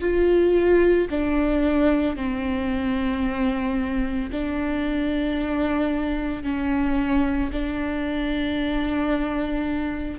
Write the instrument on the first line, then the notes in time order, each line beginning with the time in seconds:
viola
0.00 F4
1.11 D4
2.16 C4
4.31 D4
6.43 C#4
7.52 D4